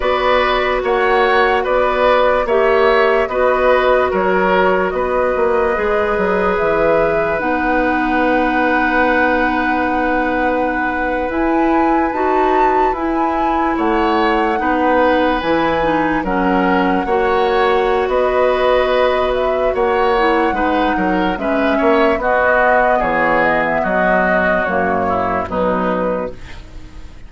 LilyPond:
<<
  \new Staff \with { instrumentName = "flute" } { \time 4/4 \tempo 4 = 73 d''4 fis''4 d''4 e''4 | dis''4 cis''4 dis''2 | e''4 fis''2.~ | fis''4.~ fis''16 gis''4 a''4 gis''16~ |
gis''8. fis''2 gis''4 fis''16~ | fis''2 dis''4. e''8 | fis''2 e''4 dis''4 | cis''8 dis''16 e''16 dis''4 cis''4 b'4 | }
  \new Staff \with { instrumentName = "oboe" } { \time 4/4 b'4 cis''4 b'4 cis''4 | b'4 ais'4 b'2~ | b'1~ | b'1~ |
b'8. cis''4 b'2 ais'16~ | ais'8. cis''4~ cis''16 b'2 | cis''4 b'8 ais'8 b'8 cis''8 fis'4 | gis'4 fis'4. e'8 dis'4 | }
  \new Staff \with { instrumentName = "clarinet" } { \time 4/4 fis'2. g'4 | fis'2. gis'4~ | gis'4 dis'2.~ | dis'4.~ dis'16 e'4 fis'4 e'16~ |
e'4.~ e'16 dis'4 e'8 dis'8 cis'16~ | cis'8. fis'2.~ fis'16~ | fis'8 e'8 dis'4 cis'4 b4~ | b2 ais4 fis4 | }
  \new Staff \with { instrumentName = "bassoon" } { \time 4/4 b4 ais4 b4 ais4 | b4 fis4 b8 ais8 gis8 fis8 | e4 b2.~ | b4.~ b16 e'4 dis'4 e'16~ |
e'8. a4 b4 e4 fis16~ | fis8. ais4~ ais16 b2 | ais4 gis8 fis8 gis8 ais8 b4 | e4 fis4 fis,4 b,4 | }
>>